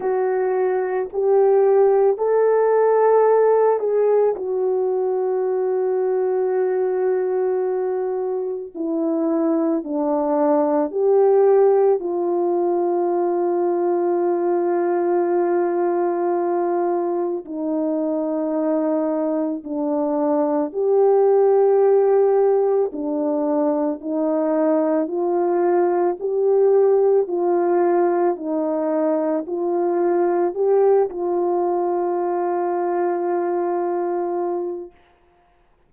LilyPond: \new Staff \with { instrumentName = "horn" } { \time 4/4 \tempo 4 = 55 fis'4 g'4 a'4. gis'8 | fis'1 | e'4 d'4 g'4 f'4~ | f'1 |
dis'2 d'4 g'4~ | g'4 d'4 dis'4 f'4 | g'4 f'4 dis'4 f'4 | g'8 f'2.~ f'8 | }